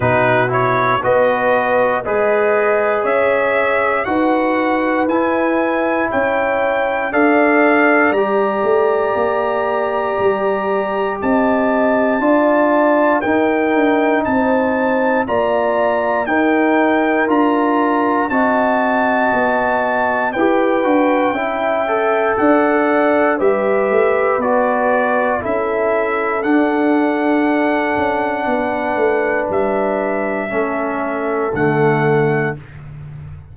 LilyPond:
<<
  \new Staff \with { instrumentName = "trumpet" } { \time 4/4 \tempo 4 = 59 b'8 cis''8 dis''4 b'4 e''4 | fis''4 gis''4 g''4 f''4 | ais''2. a''4~ | a''4 g''4 a''4 ais''4 |
g''4 ais''4 a''2 | g''2 fis''4 e''4 | d''4 e''4 fis''2~ | fis''4 e''2 fis''4 | }
  \new Staff \with { instrumentName = "horn" } { \time 4/4 fis'4 b'4 dis''4 cis''4 | b'2 cis''4 d''4~ | d''2. dis''4 | d''4 ais'4 c''4 d''4 |
ais'2 dis''2 | b'4 e''4 d''4 b'4~ | b'4 a'2. | b'2 a'2 | }
  \new Staff \with { instrumentName = "trombone" } { \time 4/4 dis'8 e'8 fis'4 gis'2 | fis'4 e'2 a'4 | g'1 | f'4 dis'2 f'4 |
dis'4 f'4 fis'2 | g'8 fis'8 e'8 a'4. g'4 | fis'4 e'4 d'2~ | d'2 cis'4 a4 | }
  \new Staff \with { instrumentName = "tuba" } { \time 4/4 b,4 b4 gis4 cis'4 | dis'4 e'4 cis'4 d'4 | g8 a8 ais4 g4 c'4 | d'4 dis'8 d'8 c'4 ais4 |
dis'4 d'4 c'4 b4 | e'8 d'8 cis'4 d'4 g8 a8 | b4 cis'4 d'4. cis'8 | b8 a8 g4 a4 d4 | }
>>